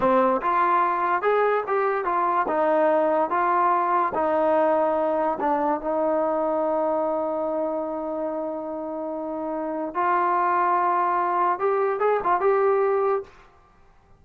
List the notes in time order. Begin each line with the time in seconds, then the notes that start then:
0.00 C4
0.41 F4
1.22 G#4
1.67 G4
2.05 F4
2.48 D#4
3.30 F4
4.14 D#4
5.40 D4
5.80 D#4
9.94 F4
11.59 G4
11.99 G#4
12.23 F4
12.40 G4